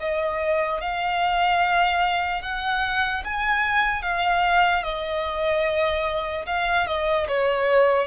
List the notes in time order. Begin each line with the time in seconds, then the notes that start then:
0.00 D#5
0.81 F5
2.42 F#5
3.25 G#5
4.02 F5
4.84 D#5
6.46 F5
6.87 D#5
7.28 C#5